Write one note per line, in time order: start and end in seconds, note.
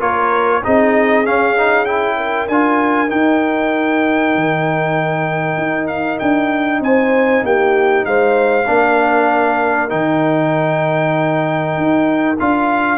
0.00 0.63 A#3
0.00 0.62 F4
0.00 0.62 A#4
0.00 0.64 C#5
0.64 1.26 C4
0.64 1.26 D#4
0.64 2.17 G#4
0.64 1.27 D#5
1.26 1.57 C#4
1.26 2.49 C#4
1.26 1.86 F5
1.58 1.87 D#4
1.86 2.49 E4
1.86 2.48 G5
2.17 6.81 A#4
2.49 3.11 D4
2.49 3.08 F4
2.49 3.11 G#5
3.08 8.65 D#4
3.08 4.36 D#4
3.08 5.88 G5
4.36 5.58 D#3
5.58 6.19 D#4
5.88 6.19 F5
6.20 6.81 D4
6.20 6.82 G5
6.81 7.43 C4
6.81 7.45 C5
6.81 7.46 G#5
7.43 8.05 A#3
7.43 8.07 G4
7.43 8.06 G5
8.06 8.68 G#3
8.06 8.69 C5
8.06 9.91 F5
8.67 9.92 A#3
8.67 9.90 D4
8.67 12.98 A#4
9.90 11.78 D#3
9.90 12.37 D#4
9.90 12.38 G5
11.78 12.39 D#4
12.40 12.98 D4
12.40 12.98 F4
12.40 12.98 F5